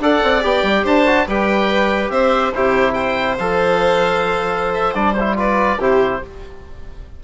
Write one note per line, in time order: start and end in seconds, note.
0.00 0.21 D4
0.00 0.41 A4
0.00 0.83 D5
0.00 0.44 F#5
0.23 0.44 C4
0.41 0.63 B3
0.41 1.04 G4
0.41 0.86 G5
0.63 0.84 G3
0.83 1.27 D4
0.83 1.25 C5
0.83 1.28 A5
1.06 1.27 F#4
1.27 2.09 G3
1.27 2.53 G4
1.27 2.11 B4
1.27 2.10 G5
2.09 2.51 C4
2.09 2.54 C5
2.09 2.52 E5
2.54 3.39 C3
2.54 3.39 E4
2.54 2.94 G4
2.54 2.93 C5
2.93 5.35 C5
2.93 3.35 G5
3.38 4.94 F3
3.38 4.94 A4
3.38 4.73 F5
4.73 4.94 E5
4.94 5.78 G3
4.94 5.15 D4
4.94 5.13 D5
5.13 5.34 C5
5.19 5.36 E4
5.36 5.78 F4
5.36 5.78 B4
5.36 5.81 D5
5.78 6.20 C3
5.78 6.22 E4
5.78 6.20 G4
5.78 6.23 C5